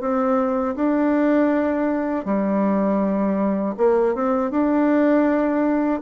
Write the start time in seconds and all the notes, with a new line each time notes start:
0.00 C4
0.75 D4
2.25 G3
3.77 A#3
4.15 C4
4.50 D4